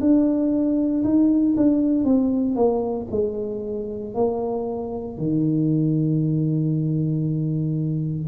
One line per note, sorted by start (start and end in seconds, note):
0.00 1.03 D4
1.03 1.55 D#4
1.57 2.04 D4
2.04 2.55 C4
2.55 3.07 A#3
3.10 4.14 G#3
4.14 5.17 A#3
5.17 8.28 D#3